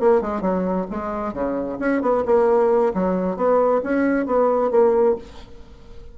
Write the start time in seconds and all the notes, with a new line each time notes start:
0.00 A#3
0.21 G#3
0.41 F#3
0.91 G#3
1.33 C#3
1.79 C#4
2.02 B3
2.26 A#3
2.94 F#3
3.37 B3
3.83 C#4
4.26 B3
4.71 A#3